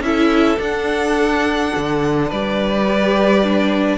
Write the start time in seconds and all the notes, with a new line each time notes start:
0.00 C#4 E4 A4 E5
0.57 D4 F#5
1.76 D3
2.28 G3 B4 D5
2.88 G4
3.43 D4